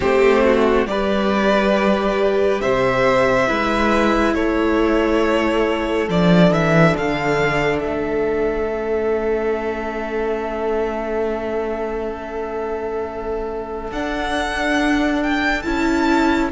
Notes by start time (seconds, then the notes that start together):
0.00 A3 C4 G4 C5
0.43 F#4
0.86 G3 G4 B4 D5
2.61 C3 C5 E5
3.47 G#3 E4 B4
4.34 A3 A4 C#5
6.08 F3 D4 D5
6.50 E3 E5
6.97 D3 F5
7.79 A3 E5
8.69 C#4
13.91 D4 F#5
15.22 G5
15.62 C#4 E4 A5